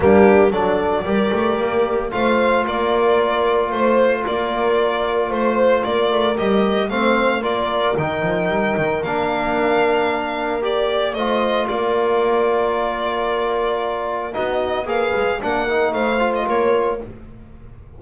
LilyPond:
<<
  \new Staff \with { instrumentName = "violin" } { \time 4/4 \tempo 4 = 113 g'4 d''2. | f''4 d''2 c''4 | d''2 c''4 d''4 | dis''4 f''4 d''4 g''4~ |
g''4 f''2. | d''4 dis''4 d''2~ | d''2. dis''4 | f''4 fis''4 f''8. dis''16 cis''4 | }
  \new Staff \with { instrumentName = "horn" } { \time 4/4 d'4 a'4 ais'2 | c''4 ais'2 c''4 | ais'2 c''4 ais'4~ | ais'4 c''4 ais'2~ |
ais'1~ | ais'4 c''4 ais'2~ | ais'2. fis'4 | b'4 ais'4 c''4 ais'4 | }
  \new Staff \with { instrumentName = "trombone" } { \time 4/4 ais4 d'4 g'2 | f'1~ | f'1 | g'4 c'4 f'4 dis'4~ |
dis'4 d'2. | g'4 f'2.~ | f'2. dis'4 | gis'4 d'8 dis'4 f'4. | }
  \new Staff \with { instrumentName = "double bass" } { \time 4/4 g4 fis4 g8 a8 ais4 | a4 ais2 a4 | ais2 a4 ais8 a8 | g4 a4 ais4 dis8 f8 |
g8 dis8 ais2.~ | ais4 a4 ais2~ | ais2. b4 | ais8 gis8 ais4 a4 ais4 | }
>>